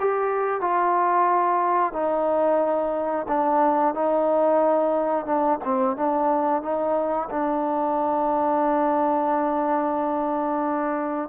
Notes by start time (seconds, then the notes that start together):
0.00 G4
0.61 F4
1.93 D#4
3.28 D4
3.94 D#4
5.26 D4
5.64 C4
5.96 D4
6.62 D#4
7.30 D4